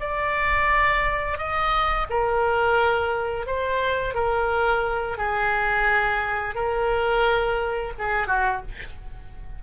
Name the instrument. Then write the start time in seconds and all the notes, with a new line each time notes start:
oboe
0.00 D5
1.38 D#5
2.10 A#4
3.46 C5
4.14 A#4
5.18 G#4
6.55 A#4
7.98 G#4
8.27 F#4